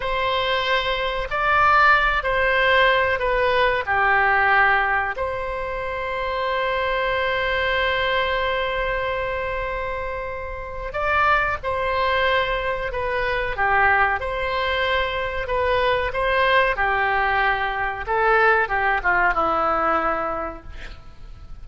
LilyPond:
\new Staff \with { instrumentName = "oboe" } { \time 4/4 \tempo 4 = 93 c''2 d''4. c''8~ | c''4 b'4 g'2 | c''1~ | c''1~ |
c''4 d''4 c''2 | b'4 g'4 c''2 | b'4 c''4 g'2 | a'4 g'8 f'8 e'2 | }